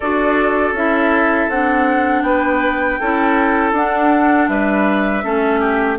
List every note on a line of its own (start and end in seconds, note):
0.00 0.72 D4
0.00 0.76 F#4
0.00 2.23 A4
0.00 0.74 D5
0.72 1.47 C#4
0.72 1.51 E4
0.72 1.49 E5
1.49 2.23 C4
1.49 3.01 D4
1.49 2.22 F#5
2.22 2.98 B3
2.22 3.00 B4
2.22 3.72 G5
3.00 3.72 C#4
3.00 3.75 E4
3.00 4.50 A4
3.72 4.47 D4
3.72 5.23 D4
3.72 4.48 F#5
4.48 5.23 G3
4.48 5.23 B4
4.48 5.98 E5
5.23 5.99 A3
5.23 5.98 C#4
5.23 5.60 A4
5.60 5.97 G4